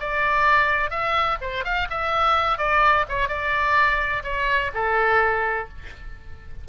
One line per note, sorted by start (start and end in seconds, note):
0.00 0.90 D5
0.90 1.38 E5
1.41 1.64 C5
1.64 1.88 F5
1.90 2.58 E5
2.58 3.05 D5
3.09 3.29 C#5
3.29 4.23 D5
4.24 4.71 C#5
4.74 5.69 A4